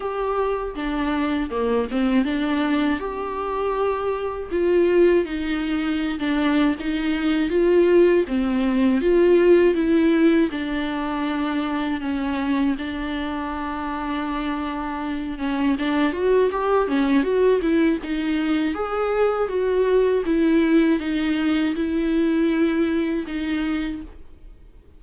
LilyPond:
\new Staff \with { instrumentName = "viola" } { \time 4/4 \tempo 4 = 80 g'4 d'4 ais8 c'8 d'4 | g'2 f'4 dis'4~ | dis'16 d'8. dis'4 f'4 c'4 | f'4 e'4 d'2 |
cis'4 d'2.~ | d'8 cis'8 d'8 fis'8 g'8 cis'8 fis'8 e'8 | dis'4 gis'4 fis'4 e'4 | dis'4 e'2 dis'4 | }